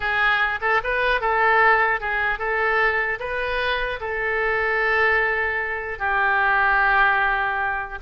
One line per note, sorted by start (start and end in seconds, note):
0.00 0.59 G#4
0.61 0.81 A4
0.83 1.21 B4
1.21 2.00 A4
2.00 2.38 G#4
2.38 3.18 A4
3.19 3.99 B4
4.00 5.99 A4
5.99 7.99 G4